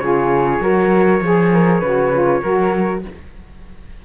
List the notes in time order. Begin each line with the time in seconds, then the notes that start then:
0.00 C#3 F4 G#4 C#5
0.60 F#3 F#4 A#4
1.21 F3 G#4
1.53 A#4
1.80 C#3 F#4 B4
2.13 F4
2.43 F#3 F#4 A#4